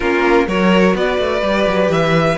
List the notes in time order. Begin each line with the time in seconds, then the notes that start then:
0.00 A#3 C#4 F4 A#4
0.47 F#3 F#4 A#4 C#5
0.94 B3 B4 D5
1.18 A3
1.42 G3 G4
1.67 F#3
1.88 E3 E5